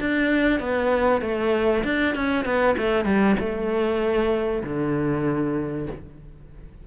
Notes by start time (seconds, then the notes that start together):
0.00 D4
0.60 B3
1.21 A3
1.84 D4
2.15 C#4
2.45 B3
2.77 A3
3.05 G3
3.39 A3
4.63 D3